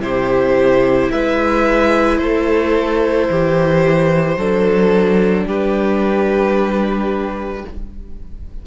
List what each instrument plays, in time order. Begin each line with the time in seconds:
0.00 cello C3, viola E4, violin G4 C5
1.11 cello G#3, violin B4 E5
2.17 cello A3, violin A4 C5
3.29 cello E3, violin G4
4.36 cello F#3, viola D4, violin A4
5.46 cello G3, violin G4 B4